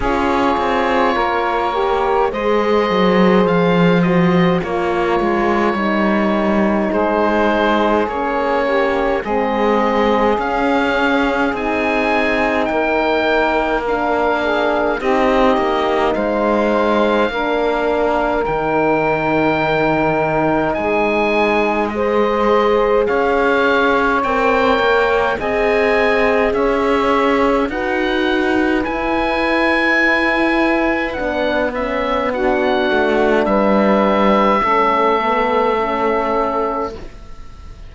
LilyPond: <<
  \new Staff \with { instrumentName = "oboe" } { \time 4/4 \tempo 4 = 52 cis''2 dis''4 f''8 dis''8 | cis''2 c''4 cis''4 | dis''4 f''4 gis''4 g''4 | f''4 dis''4 f''2 |
g''2 gis''4 dis''4 | f''4 g''4 gis''4 e''4 | fis''4 gis''2 fis''8 e''8 | fis''4 e''2. | }
  \new Staff \with { instrumentName = "saxophone" } { \time 4/4 gis'4 ais'4 c''2 | ais'2 gis'4. g'8 | gis'2. ais'4~ | ais'8 gis'8 g'4 c''4 ais'4~ |
ais'2 gis'4 c''4 | cis''2 dis''4 cis''4 | b'1 | fis'4 b'4 a'2 | }
  \new Staff \with { instrumentName = "horn" } { \time 4/4 f'4. g'8 gis'4. fis'8 | f'4 dis'2 cis'4 | c'4 cis'4 dis'2 | d'4 dis'2 d'4 |
dis'2. gis'4~ | gis'4 ais'4 gis'2 | fis'4 e'2 d'8 cis'8 | d'2 cis'8 b8 cis'4 | }
  \new Staff \with { instrumentName = "cello" } { \time 4/4 cis'8 c'8 ais4 gis8 fis8 f4 | ais8 gis8 g4 gis4 ais4 | gis4 cis'4 c'4 ais4~ | ais4 c'8 ais8 gis4 ais4 |
dis2 gis2 | cis'4 c'8 ais8 c'4 cis'4 | dis'4 e'2 b4~ | b8 a8 g4 a2 | }
>>